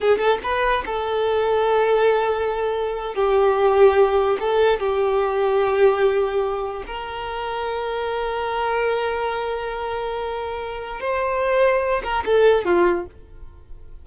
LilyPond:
\new Staff \with { instrumentName = "violin" } { \time 4/4 \tempo 4 = 147 gis'8 a'8 b'4 a'2~ | a'2.~ a'8. g'16~ | g'2~ g'8. a'4 g'16~ | g'1~ |
g'8. ais'2.~ ais'16~ | ais'1~ | ais'2. c''4~ | c''4. ais'8 a'4 f'4 | }